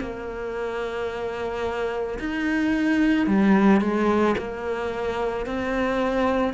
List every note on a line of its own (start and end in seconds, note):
0.00 2.18 A#3
2.19 3.27 D#4
3.27 3.80 G3
3.80 4.35 G#3
4.38 5.46 A#3
5.46 6.54 C4